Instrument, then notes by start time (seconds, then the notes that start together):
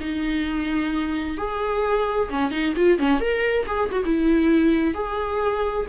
viola
0.00 D#4
1.37 G#4
2.30 C#4
2.51 D#4
2.76 F4
2.99 C#4
3.20 A#4
3.67 G#4
3.91 F#4
4.05 E4
4.94 G#4